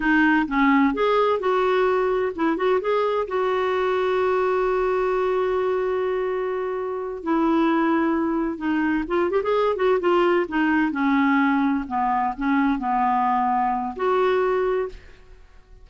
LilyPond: \new Staff \with { instrumentName = "clarinet" } { \time 4/4 \tempo 4 = 129 dis'4 cis'4 gis'4 fis'4~ | fis'4 e'8 fis'8 gis'4 fis'4~ | fis'1~ | fis'2.~ fis'8 e'8~ |
e'2~ e'8 dis'4 f'8 | g'16 gis'8. fis'8 f'4 dis'4 cis'8~ | cis'4. b4 cis'4 b8~ | b2 fis'2 | }